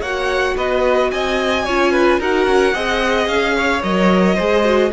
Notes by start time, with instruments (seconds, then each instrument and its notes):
0.00 cello A#3, viola F#4, violin C#5 F#5
0.56 cello B3, violin B4 D#5
1.11 cello C4, violin D#5 G#5
1.65 cello C#4, viola F4, violin C#5
1.92 violin B4
2.19 cello D#4, viola F#4, violin A#4 F#5
2.46 cello C#4
2.74 cello C4, viola G#4, violin D#5
3.27 cello C#4, violin F5
3.57 violin C#5
3.83 cello F#3, viola A#4, violin D#5
4.35 cello G#3, viola G#4, violin C5
4.64 viola F#4